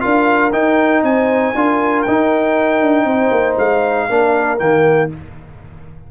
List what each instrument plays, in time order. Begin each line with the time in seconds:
0.00 tuba D4, trombone F4, horn A#4, trumpet F5
0.52 trombone D#4, tuba D#4, trumpet G5
1.03 tuba C4, horn C5, trumpet G#5
1.54 tuba D4, trombone F4, horn A#4
2.02 trombone D#4, tuba D#4, trumpet G5
2.81 tuba D4
3.04 tuba C4, horn C5
3.31 tuba A#3
3.58 tuba G#3, trumpet F5
4.08 tuba A#3, trombone D4, horn A#4
4.58 tuba D#3, trombone A#3, trumpet G5